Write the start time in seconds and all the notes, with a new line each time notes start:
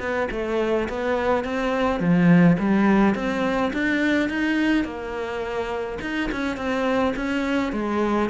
0.00 B3
0.31 A3
0.89 B3
1.44 C4
2.00 F3
2.60 G3
3.15 C4
3.73 D4
4.30 D#4
4.84 A#3
6.02 D#4
6.32 C#4
6.57 C4
7.16 C#4
7.73 G#3